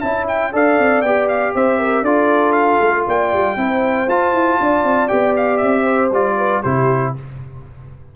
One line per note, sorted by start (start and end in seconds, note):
0.00 0.54 C#4
0.00 0.52 E4
0.00 0.51 E5
0.00 0.26 A5
0.28 0.53 G5
0.52 0.79 D4
0.52 1.03 A4
0.52 1.55 D5
0.52 1.02 F5
0.79 1.03 C4
1.02 1.54 B3
1.02 2.05 G4
1.02 1.27 G5
1.28 1.54 F5
1.55 2.02 C4
1.55 1.79 C5
1.55 2.04 E5
1.79 2.03 A#4
2.02 2.78 D4
2.02 3.57 F4
2.02 3.05 A4
2.02 2.53 D5
2.53 3.03 F5
2.81 3.06 A3
3.07 3.33 A#3
3.07 3.58 D5
3.07 4.09 G5
3.33 3.57 G3
3.57 4.07 C4
3.57 4.08 E4
3.57 4.61 C5
4.07 4.33 F4
4.07 5.09 F4
4.07 5.08 A5
4.33 4.58 E4
4.60 4.84 D4
4.60 5.83 D5
4.84 5.09 C4
5.08 5.62 B3
5.08 6.11 G4
5.08 5.34 G5
5.36 5.58 F5
5.58 6.11 C4
5.58 6.08 E5
5.83 6.34 C5
6.11 6.62 G3
6.11 6.64 F4
6.11 6.63 D5
6.37 6.62 B4
6.62 7.16 C3
6.62 7.16 E4
6.62 7.13 G4
6.62 7.14 C5